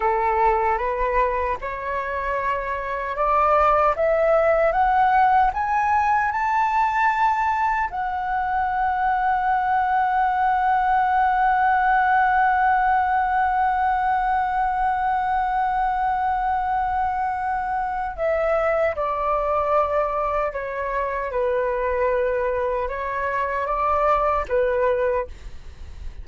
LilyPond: \new Staff \with { instrumentName = "flute" } { \time 4/4 \tempo 4 = 76 a'4 b'4 cis''2 | d''4 e''4 fis''4 gis''4 | a''2 fis''2~ | fis''1~ |
fis''1~ | fis''2. e''4 | d''2 cis''4 b'4~ | b'4 cis''4 d''4 b'4 | }